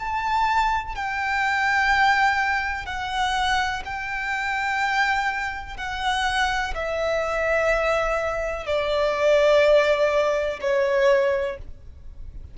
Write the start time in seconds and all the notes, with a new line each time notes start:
0.00 A5
0.96 G5
2.86 F#5
3.85 G5
5.78 F#5
6.75 E5
8.67 D5
10.61 C#5